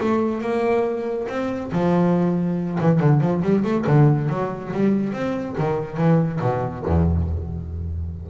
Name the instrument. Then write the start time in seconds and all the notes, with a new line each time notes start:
double bass
0.00 A3
0.41 A#3
1.28 C4
1.72 F3
2.80 E3
2.99 D3
3.20 F3
3.42 G3
3.64 A3
3.86 D3
4.29 F#3
4.73 G3
5.12 C4
5.57 D#3
5.97 E3
6.41 B2
6.85 E2